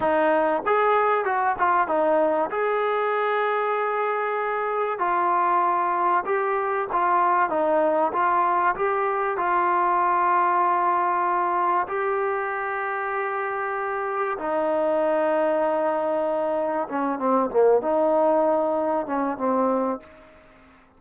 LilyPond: \new Staff \with { instrumentName = "trombone" } { \time 4/4 \tempo 4 = 96 dis'4 gis'4 fis'8 f'8 dis'4 | gis'1 | f'2 g'4 f'4 | dis'4 f'4 g'4 f'4~ |
f'2. g'4~ | g'2. dis'4~ | dis'2. cis'8 c'8 | ais8 dis'2 cis'8 c'4 | }